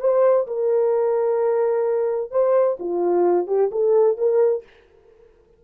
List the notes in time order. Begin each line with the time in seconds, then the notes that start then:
0.00 C5
0.47 A#4
2.31 C5
2.79 F4
3.47 G4
3.71 A4
4.17 A#4